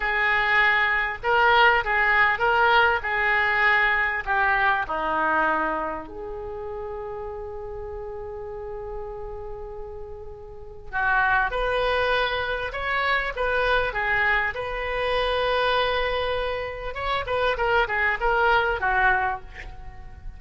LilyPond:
\new Staff \with { instrumentName = "oboe" } { \time 4/4 \tempo 4 = 99 gis'2 ais'4 gis'4 | ais'4 gis'2 g'4 | dis'2 gis'2~ | gis'1~ |
gis'2 fis'4 b'4~ | b'4 cis''4 b'4 gis'4 | b'1 | cis''8 b'8 ais'8 gis'8 ais'4 fis'4 | }